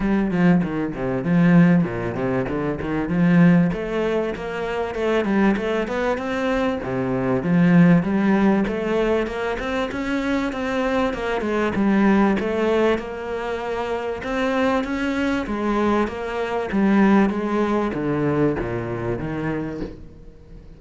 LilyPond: \new Staff \with { instrumentName = "cello" } { \time 4/4 \tempo 4 = 97 g8 f8 dis8 c8 f4 ais,8 c8 | d8 dis8 f4 a4 ais4 | a8 g8 a8 b8 c'4 c4 | f4 g4 a4 ais8 c'8 |
cis'4 c'4 ais8 gis8 g4 | a4 ais2 c'4 | cis'4 gis4 ais4 g4 | gis4 d4 ais,4 dis4 | }